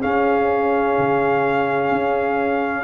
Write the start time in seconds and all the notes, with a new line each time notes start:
0.00 C#4 G#4 F5
0.98 C#3
1.91 C#4